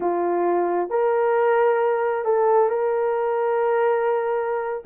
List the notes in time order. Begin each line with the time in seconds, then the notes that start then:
0.00 F4
0.89 A#4
2.24 A4
2.69 A#4